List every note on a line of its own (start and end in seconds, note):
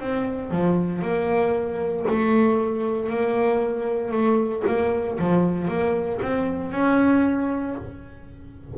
0.00 0.51 C4
0.51 1.02 F3
1.02 2.06 A#3
2.09 3.10 A3
3.10 4.12 A#3
4.12 4.64 A3
4.67 5.19 A#3
5.19 5.68 F3
5.68 6.20 A#3
6.22 6.72 C4
6.72 7.76 C#4